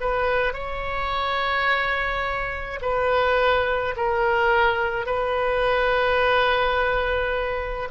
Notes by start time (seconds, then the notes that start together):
0.00 B4
0.53 C#5
2.81 B4
3.96 A#4
5.05 B4